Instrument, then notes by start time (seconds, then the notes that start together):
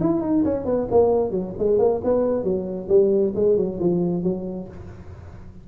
tuba
0.00 E4
0.21 D#4
0.44 C#4
0.65 B3
0.91 A#3
1.31 F#3
1.58 G#3
1.78 A#3
2.04 B3
2.43 F#3
2.88 G3
3.35 G#3
3.57 F#3
3.79 F3
4.23 F#3